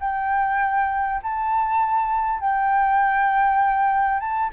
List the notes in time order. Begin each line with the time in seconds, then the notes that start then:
0.00 G5
1.23 A5
2.40 G5
4.20 A5